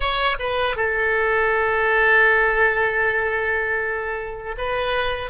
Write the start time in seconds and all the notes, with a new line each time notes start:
0.00 C#5
0.39 B4
0.76 A4
4.57 B4